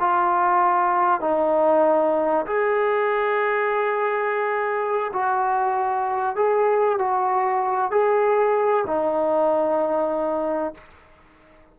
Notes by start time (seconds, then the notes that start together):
0.00 F4
1.21 D#4
2.47 G#4
5.14 F#4
6.36 G#4
6.99 F#4
7.91 G#4
8.87 D#4